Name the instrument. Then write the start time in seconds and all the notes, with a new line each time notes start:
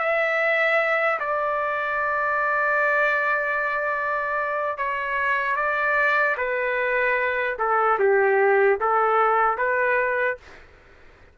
trumpet
0.00 E5
1.20 D5
4.78 C#5
5.56 D5
6.38 B4
7.59 A4
8.00 G4
8.81 A4
9.58 B4